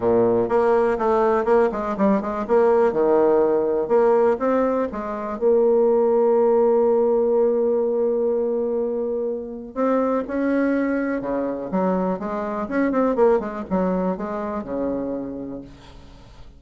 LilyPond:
\new Staff \with { instrumentName = "bassoon" } { \time 4/4 \tempo 4 = 123 ais,4 ais4 a4 ais8 gis8 | g8 gis8 ais4 dis2 | ais4 c'4 gis4 ais4~ | ais1~ |
ais1 | c'4 cis'2 cis4 | fis4 gis4 cis'8 c'8 ais8 gis8 | fis4 gis4 cis2 | }